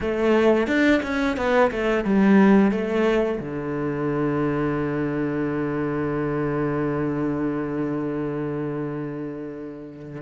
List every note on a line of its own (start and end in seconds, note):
0.00 0.67 A3
0.67 1.01 D4
1.02 1.36 C#4
1.36 1.70 B3
1.71 2.04 A3
2.04 2.71 G3
2.71 3.39 A3
3.39 10.21 D3